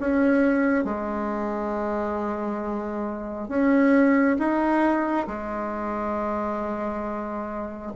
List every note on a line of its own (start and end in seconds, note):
0.00 0.84 C#4
0.84 3.48 G#3
3.48 4.36 C#4
4.38 5.27 D#4
5.27 7.92 G#3